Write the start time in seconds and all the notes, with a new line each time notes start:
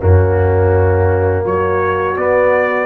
0.00 F#2 A#3 C#4 F#4
1.45 F#3 F#4 C#5
2.17 B3 D5